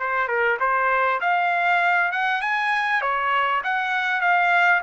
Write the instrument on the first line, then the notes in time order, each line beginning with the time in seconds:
trumpet
0.00 C5
0.28 A#4
0.60 C5
1.21 F5
2.12 F#5
2.42 G#5
3.02 C#5
3.64 F#5
4.21 F5